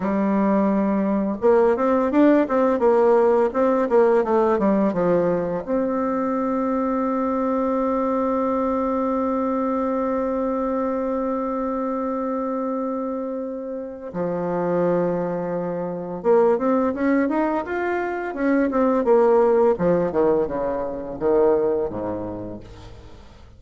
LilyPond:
\new Staff \with { instrumentName = "bassoon" } { \time 4/4 \tempo 4 = 85 g2 ais8 c'8 d'8 c'8 | ais4 c'8 ais8 a8 g8 f4 | c'1~ | c'1~ |
c'1 | f2. ais8 c'8 | cis'8 dis'8 f'4 cis'8 c'8 ais4 | f8 dis8 cis4 dis4 gis,4 | }